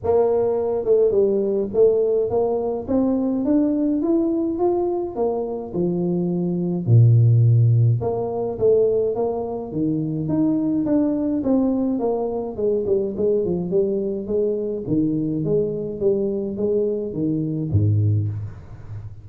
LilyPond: \new Staff \with { instrumentName = "tuba" } { \time 4/4 \tempo 4 = 105 ais4. a8 g4 a4 | ais4 c'4 d'4 e'4 | f'4 ais4 f2 | ais,2 ais4 a4 |
ais4 dis4 dis'4 d'4 | c'4 ais4 gis8 g8 gis8 f8 | g4 gis4 dis4 gis4 | g4 gis4 dis4 gis,4 | }